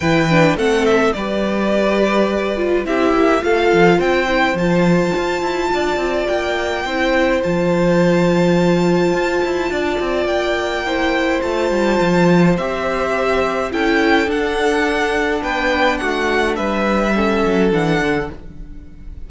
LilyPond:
<<
  \new Staff \with { instrumentName = "violin" } { \time 4/4 \tempo 4 = 105 g''4 fis''8 e''8 d''2~ | d''4 e''4 f''4 g''4 | a''2. g''4~ | g''4 a''2.~ |
a''2 g''2 | a''2 e''2 | g''4 fis''2 g''4 | fis''4 e''2 fis''4 | }
  \new Staff \with { instrumentName = "violin" } { \time 4/4 b'4 a'4 b'2~ | b'4 g'4 a'4 c''4~ | c''2 d''2 | c''1~ |
c''4 d''2 c''4~ | c''1 | a'2. b'4 | fis'4 b'4 a'2 | }
  \new Staff \with { instrumentName = "viola" } { \time 4/4 e'8 d'8 c'4 g'2~ | g'8 f'8 e'4 f'4. e'8 | f'1 | e'4 f'2.~ |
f'2. e'4 | f'2 g'2 | e'4 d'2.~ | d'2 cis'4 d'4 | }
  \new Staff \with { instrumentName = "cello" } { \time 4/4 e4 a4 g2~ | g4 c'8 ais8 a8 f8 c'4 | f4 f'8 e'8 d'8 c'8 ais4 | c'4 f2. |
f'8 e'8 d'8 c'8 ais2 | a8 g8 f4 c'2 | cis'4 d'2 b4 | a4 g4. fis8 e8 d8 | }
>>